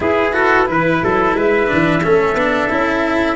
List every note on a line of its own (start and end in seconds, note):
0.00 0.32 E4
0.00 0.67 E4
0.00 0.34 G#4
0.00 1.35 B4
0.32 0.66 F#4
0.32 0.67 A4
0.66 1.01 E3
0.66 1.66 E4
0.66 1.04 B4
1.03 1.34 F#3
1.03 1.36 A4
1.34 1.68 G#3
1.34 2.03 B4
1.34 3.36 E5
1.66 2.05 E3
1.66 2.00 D4
2.03 2.34 A3
2.03 2.37 C#4
2.03 3.36 A4
2.34 2.68 B3
2.34 2.69 D4
2.69 3.36 C#4
2.69 3.36 E4